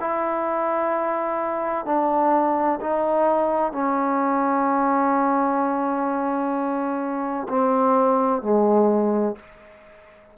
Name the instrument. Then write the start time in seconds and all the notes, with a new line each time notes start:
trombone
0.00 E4
1.85 D4
2.81 D#4
3.72 C#4
7.48 C4
8.42 G#3